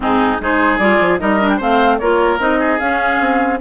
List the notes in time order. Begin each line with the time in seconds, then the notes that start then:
0.00 G#2 C4 D#4 G#4
0.40 G#3 D#4 G#4 C5
0.78 G3 F4 D5
1.00 F3
1.19 G3 D#4 A#4 D#5
1.40 D4
1.49 G5
1.57 A3 C4 C5 F5
1.98 A#3 F4 A#4 C#5
2.39 C4 D#4 D#5
2.59 G#4
2.79 C#4 F5
3.19 C4